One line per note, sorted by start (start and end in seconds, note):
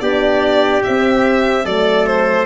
0.00 0.82 B3
0.00 0.83 D4
0.00 1.64 G4
0.00 0.82 D5
0.83 1.67 C4
0.83 1.64 C4
0.83 1.65 E5
1.64 2.46 F#3
1.64 2.46 A3
1.64 2.46 A4
1.64 2.06 D5
2.06 2.46 C5